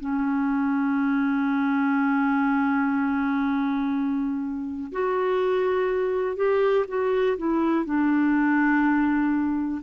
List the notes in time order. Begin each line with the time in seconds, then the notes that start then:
0.00 C#4
4.92 F#4
6.36 G4
6.88 F#4
7.37 E4
7.85 D4